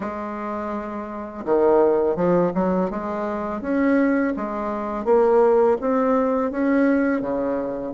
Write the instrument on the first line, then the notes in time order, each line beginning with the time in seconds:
bassoon
0.00 G#3
1.45 D#3
2.16 F3
2.54 F#3
2.90 G#3
3.61 C#4
4.36 G#3
5.04 A#3
5.80 C4
6.51 C#4
7.21 C#3